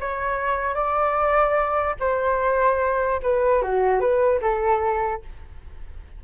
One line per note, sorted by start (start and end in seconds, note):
0.00 0.74 C#5
0.74 1.95 D5
2.00 3.20 C5
3.22 3.62 B4
3.62 4.00 F#4
4.00 4.40 B4
4.41 5.22 A4